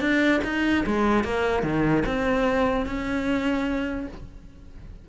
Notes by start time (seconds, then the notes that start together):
0.00 D4
0.44 D#4
0.86 G#3
1.23 A#3
1.63 D#3
2.06 C4
2.85 C#4